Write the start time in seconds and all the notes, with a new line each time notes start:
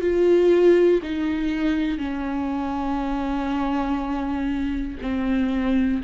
0.00 F4
1.02 D#4
1.98 C#4
5.01 C4